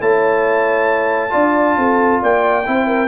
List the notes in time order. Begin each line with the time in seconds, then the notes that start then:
0.00 A3 E4 C#5 A5
1.30 D4 F4 D5
1.77 C4 A4
2.22 A#3 D5 G5
2.66 C4 E4 C5
2.87 A#4